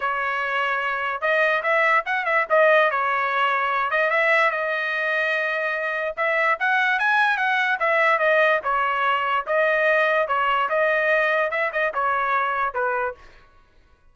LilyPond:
\new Staff \with { instrumentName = "trumpet" } { \time 4/4 \tempo 4 = 146 cis''2. dis''4 | e''4 fis''8 e''8 dis''4 cis''4~ | cis''4. dis''8 e''4 dis''4~ | dis''2. e''4 |
fis''4 gis''4 fis''4 e''4 | dis''4 cis''2 dis''4~ | dis''4 cis''4 dis''2 | e''8 dis''8 cis''2 b'4 | }